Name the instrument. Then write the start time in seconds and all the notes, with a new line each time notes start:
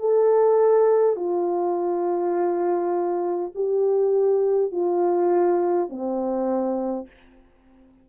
horn
0.00 A4
1.17 F4
3.55 G4
4.72 F4
5.90 C4